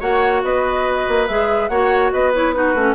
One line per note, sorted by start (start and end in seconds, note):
0.00 0.43 A#3
0.00 1.28 F#4
0.00 0.42 C#5
0.00 0.43 F#5
0.43 1.07 B3
0.43 1.70 B4
0.43 1.28 D#5
1.09 1.29 A#3
1.28 1.69 G#3
1.28 1.71 G#4
1.28 1.69 E5
1.69 2.12 A#3
1.69 2.34 F#4
1.69 2.12 C#5
1.69 2.11 F#5
2.12 2.74 B3
2.12 2.55 B4
2.12 2.34 D#5
2.34 2.55 E4
2.34 2.53 C#5
2.53 2.76 D#4
2.53 2.96 F#4
2.53 2.95 B4
2.74 2.96 A3
2.74 2.96 C#4